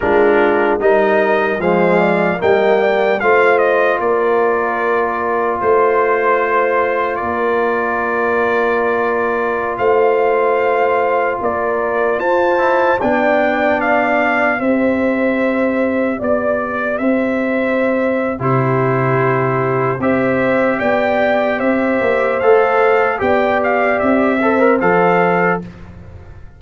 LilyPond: <<
  \new Staff \with { instrumentName = "trumpet" } { \time 4/4 \tempo 4 = 75 ais'4 dis''4 f''4 g''4 | f''8 dis''8 d''2 c''4~ | c''4 d''2.~ | d''16 f''2 d''4 a''8.~ |
a''16 g''4 f''4 e''4.~ e''16~ | e''16 d''4 e''4.~ e''16 c''4~ | c''4 e''4 g''4 e''4 | f''4 g''8 f''8 e''4 f''4 | }
  \new Staff \with { instrumentName = "horn" } { \time 4/4 f'4 ais'4 c''8 d''8 dis''8 d''8 | c''4 ais'2 c''4~ | c''4 ais'2.~ | ais'16 c''2 ais'4 c''8.~ |
c''16 d''2 c''4.~ c''16~ | c''16 d''4 c''4.~ c''16 g'4~ | g'4 c''4 d''4 c''4~ | c''4 d''4. c''4. | }
  \new Staff \with { instrumentName = "trombone" } { \time 4/4 d'4 dis'4 gis4 ais4 | f'1~ | f'1~ | f'2.~ f'8. e'16~ |
e'16 d'2 g'4.~ g'16~ | g'2. e'4~ | e'4 g'2. | a'4 g'4. a'16 ais'16 a'4 | }
  \new Staff \with { instrumentName = "tuba" } { \time 4/4 gis4 g4 f4 g4 | a4 ais2 a4~ | a4 ais2.~ | ais16 a2 ais4 f'8.~ |
f'16 b2 c'4.~ c'16~ | c'16 b4 c'4.~ c'16 c4~ | c4 c'4 b4 c'8 ais8 | a4 b4 c'4 f4 | }
>>